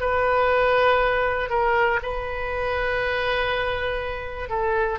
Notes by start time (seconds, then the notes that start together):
0.00 B4
1.50 A#4
2.02 B4
4.50 A4